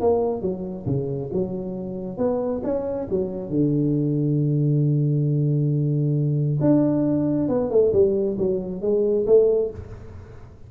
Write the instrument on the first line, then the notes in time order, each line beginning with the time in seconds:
tuba
0.00 A#3
0.41 F#3
0.86 C#3
1.33 F#3
2.17 B3
2.63 C#4
3.10 F#3
3.49 D3
6.61 D4
7.48 B3
7.70 A3
7.92 G3
8.37 F#3
8.81 G#3
9.26 A3